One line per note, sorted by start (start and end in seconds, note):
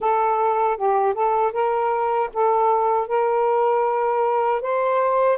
0.00 0.77 A4
0.77 1.14 G4
1.14 1.52 A4
1.52 2.29 A#4
2.33 3.07 A4
3.07 4.61 A#4
4.61 5.38 C5